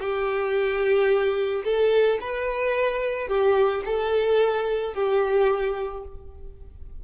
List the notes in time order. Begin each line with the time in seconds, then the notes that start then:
0.00 G4
1.64 A4
2.21 B4
3.28 G4
3.85 A4
4.94 G4